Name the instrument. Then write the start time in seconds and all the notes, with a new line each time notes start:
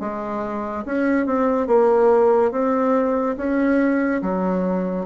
bassoon
0.00 G#3
0.86 C#4
1.26 C4
1.67 A#3
2.52 C4
3.37 C#4
4.22 F#3